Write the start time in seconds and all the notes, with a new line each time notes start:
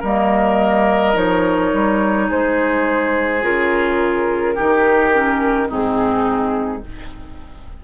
0.00 G3 A#3 A#4 D#5
1.14 F3 D#4 C#5
1.73 G3
2.29 G#3 G#4 C5
3.42 C#3 F4 A#4
4.55 D#3 D#4 G4
5.13 C#4
5.68 G#2 C4 D#4 G#4